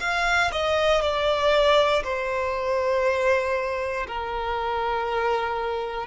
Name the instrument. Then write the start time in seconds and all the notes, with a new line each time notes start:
violin
0.00 F5
0.52 D#5
1.01 D5
2.03 C5
4.07 A#4